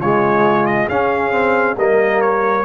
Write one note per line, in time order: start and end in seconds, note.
0.00 0.88 C#3
0.00 0.90 G#3
0.00 0.87 F4
0.00 0.66 C#5
0.66 0.88 D#5
0.87 1.77 C#4
0.87 1.31 C#4
0.87 1.76 G#4
0.87 1.77 F5
1.31 1.75 C4
1.77 2.65 G3
1.77 2.65 A#3
1.77 2.65 A#4
1.77 2.22 D#5
2.22 2.65 C#5